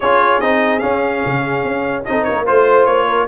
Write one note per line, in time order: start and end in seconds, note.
0.00 0.40 C#4
0.00 0.41 F4
0.00 2.05 G#4
0.00 0.40 C#5
0.40 0.82 C4
0.40 0.80 D#4
0.40 0.79 D#5
0.79 2.03 C#4
0.79 1.24 C#4
0.79 2.02 F5
1.25 1.64 C#3
1.64 2.05 C#4
2.04 2.29 C4
2.04 2.45 D#4
2.04 2.26 A4
2.04 2.23 D#5
2.23 2.49 A#3
2.23 2.45 A#4
2.23 2.44 C#5
2.45 2.86 A3
2.45 3.28 F4
2.45 3.07 C5
2.45 2.85 C5
2.85 3.27 A#3
2.85 3.26 C#5
3.07 3.28 A#4